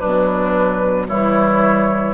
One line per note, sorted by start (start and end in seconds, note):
0.00 1.10 B2
0.00 1.09 F#3
0.00 1.07 D4
0.00 1.07 B4
1.08 2.15 E3
1.08 2.15 G3
1.08 2.15 E4
1.08 2.15 C#5